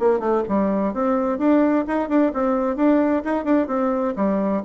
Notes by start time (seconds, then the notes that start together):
0.00 A#3
0.20 A3
0.49 G3
0.94 C4
1.38 D4
1.88 D#4
2.09 D4
2.34 C4
2.76 D4
3.25 D#4
3.45 D4
3.68 C4
4.16 G3